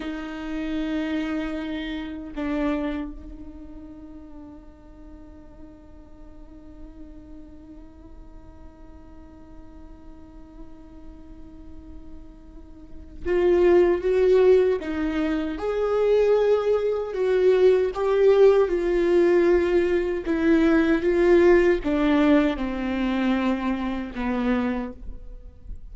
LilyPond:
\new Staff \with { instrumentName = "viola" } { \time 4/4 \tempo 4 = 77 dis'2. d'4 | dis'1~ | dis'1~ | dis'1~ |
dis'4 f'4 fis'4 dis'4 | gis'2 fis'4 g'4 | f'2 e'4 f'4 | d'4 c'2 b4 | }